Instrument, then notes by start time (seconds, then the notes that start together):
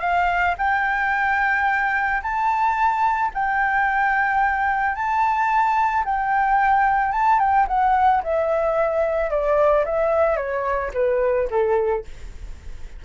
flute
0.00 F5
0.58 G5
2.22 A5
3.34 G5
4.95 A5
6.05 G5
7.12 A5
7.39 G5
7.68 F#5
8.23 E5
9.30 D5
9.85 E5
10.36 C#5
10.94 B4
11.50 A4